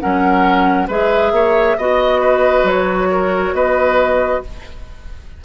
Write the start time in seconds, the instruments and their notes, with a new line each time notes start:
0.00 bassoon F#3, clarinet C#4, oboe A#4, flute F#5
0.88 bassoon G#3, clarinet G#4, oboe B4, flute E5
1.32 bassoon A#3, oboe C#5
1.77 bassoon B3, clarinet F#4, oboe D#5, flute D#5
2.20 oboe B4
2.63 bassoon F#3, flute C#5
3.11 oboe A#4
3.52 bassoon B3, oboe B4, flute D#5